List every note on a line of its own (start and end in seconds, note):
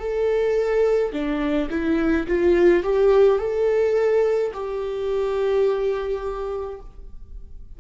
0.00 1.13 A4
1.13 1.69 D4
1.70 2.27 E4
2.27 2.84 F4
2.84 3.39 G4
3.39 4.52 A4
4.54 6.80 G4